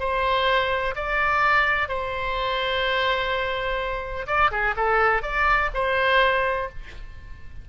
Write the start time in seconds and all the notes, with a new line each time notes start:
0.00 C5
0.96 D5
1.89 C5
4.27 D5
4.52 G#4
4.77 A4
5.23 D5
5.74 C5